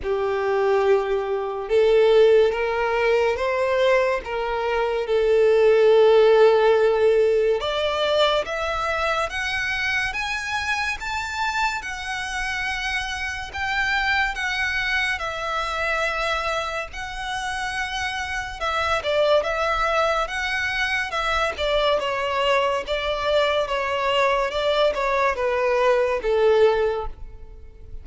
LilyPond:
\new Staff \with { instrumentName = "violin" } { \time 4/4 \tempo 4 = 71 g'2 a'4 ais'4 | c''4 ais'4 a'2~ | a'4 d''4 e''4 fis''4 | gis''4 a''4 fis''2 |
g''4 fis''4 e''2 | fis''2 e''8 d''8 e''4 | fis''4 e''8 d''8 cis''4 d''4 | cis''4 d''8 cis''8 b'4 a'4 | }